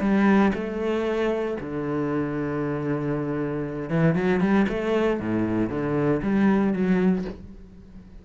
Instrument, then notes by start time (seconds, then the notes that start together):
cello
0.00 G3
0.54 A3
1.60 D3
3.89 E3
4.14 F#3
4.40 G3
4.69 A3
5.20 A2
5.69 D3
6.22 G3
6.73 F#3